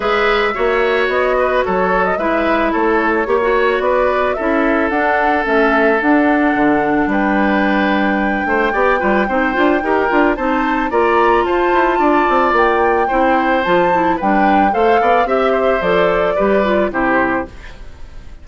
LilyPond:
<<
  \new Staff \with { instrumentName = "flute" } { \time 4/4 \tempo 4 = 110 e''2 dis''4 cis''8. dis''16 | e''4 cis''2 d''4 | e''4 fis''4 e''4 fis''4~ | fis''4 g''2.~ |
g''2. a''4 | ais''4 a''2 g''4~ | g''4 a''4 g''4 f''4 | e''4 d''2 c''4 | }
  \new Staff \with { instrumentName = "oboe" } { \time 4/4 b'4 cis''4. b'8 a'4 | b'4 a'4 cis''4 b'4 | a'1~ | a'4 b'2~ b'8 c''8 |
d''8 b'8 c''4 ais'4 c''4 | d''4 c''4 d''2 | c''2 b'4 c''8 d''8 | e''8 c''4. b'4 g'4 | }
  \new Staff \with { instrumentName = "clarinet" } { \time 4/4 gis'4 fis'2. | e'2 g'16 fis'4.~ fis'16 | e'4 d'4 cis'4 d'4~ | d'1 |
g'8 f'8 dis'8 f'8 g'8 f'8 dis'4 | f'1 | e'4 f'8 e'8 d'4 a'4 | g'4 a'4 g'8 f'8 e'4 | }
  \new Staff \with { instrumentName = "bassoon" } { \time 4/4 gis4 ais4 b4 fis4 | gis4 a4 ais4 b4 | cis'4 d'4 a4 d'4 | d4 g2~ g8 a8 |
b8 g8 c'8 d'8 dis'8 d'8 c'4 | ais4 f'8 e'8 d'8 c'8 ais4 | c'4 f4 g4 a8 b8 | c'4 f4 g4 c4 | }
>>